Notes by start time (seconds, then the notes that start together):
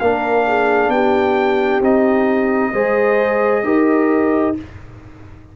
0.00 A#3 D4 A#4 F5
0.48 G#4
0.88 B3 G4 G5
1.81 C4 D#4 D#5
2.73 G#3 G#4 C5
3.64 D#4 G4 A#4